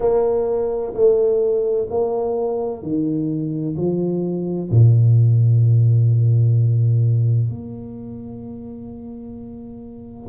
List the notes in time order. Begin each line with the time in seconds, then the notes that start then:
0.00 A#3
0.94 A3
1.90 A#3
2.82 D#3
3.76 F3
4.70 A#2
7.49 A#3